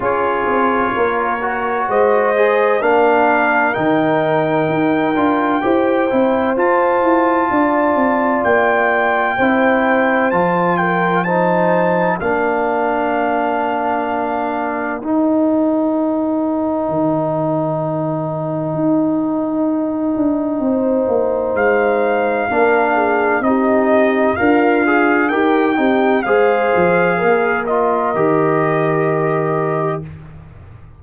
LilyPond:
<<
  \new Staff \with { instrumentName = "trumpet" } { \time 4/4 \tempo 4 = 64 cis''2 dis''4 f''4 | g''2. a''4~ | a''4 g''2 a''8 g''8 | a''4 f''2. |
g''1~ | g''2. f''4~ | f''4 dis''4 f''4 g''4 | f''4. dis''2~ dis''8 | }
  \new Staff \with { instrumentName = "horn" } { \time 4/4 gis'4 ais'4 c''4 ais'4~ | ais'2 c''2 | d''2 c''4. ais'8 | c''4 ais'2.~ |
ais'1~ | ais'2 c''2 | ais'8 gis'8 g'4 f'4 ais'8 g'8 | c''4 ais'2. | }
  \new Staff \with { instrumentName = "trombone" } { \time 4/4 f'4. fis'4 gis'8 d'4 | dis'4. f'8 g'8 e'8 f'4~ | f'2 e'4 f'4 | dis'4 d'2. |
dis'1~ | dis'1 | d'4 dis'4 ais'8 gis'8 g'8 dis'8 | gis'4. f'8 g'2 | }
  \new Staff \with { instrumentName = "tuba" } { \time 4/4 cis'8 c'8 ais4 gis4 ais4 | dis4 dis'8 d'8 e'8 c'8 f'8 e'8 | d'8 c'8 ais4 c'4 f4~ | f4 ais2. |
dis'2 dis2 | dis'4. d'8 c'8 ais8 gis4 | ais4 c'4 d'4 dis'8 c'8 | gis8 f8 ais4 dis2 | }
>>